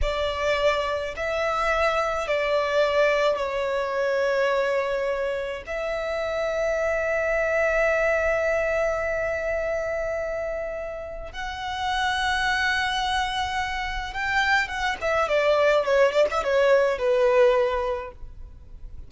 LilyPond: \new Staff \with { instrumentName = "violin" } { \time 4/4 \tempo 4 = 106 d''2 e''2 | d''2 cis''2~ | cis''2 e''2~ | e''1~ |
e''1 | fis''1~ | fis''4 g''4 fis''8 e''8 d''4 | cis''8 d''16 e''16 cis''4 b'2 | }